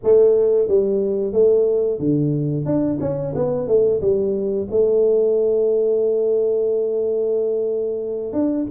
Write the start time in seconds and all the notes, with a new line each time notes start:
0.03 A3
0.68 G3
1.32 A3
1.99 D3
2.65 D4
3.00 C#4
3.35 B3
3.67 A3
4.01 G3
4.70 A3
8.32 D4